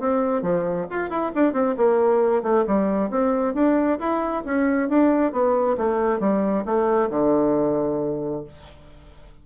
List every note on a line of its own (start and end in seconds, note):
0.00 0.42 C4
0.42 0.87 F3
0.90 1.10 F4
1.10 1.32 E4
1.35 1.53 D4
1.53 1.75 C4
1.77 2.42 A#3
2.42 2.65 A3
2.67 3.10 G3
3.10 3.54 C4
3.54 3.99 D4
3.99 4.44 E4
4.45 4.89 C#4
4.89 5.32 D4
5.32 5.77 B3
5.77 6.20 A3
6.20 6.64 G3
6.65 7.10 A3
7.10 8.44 D3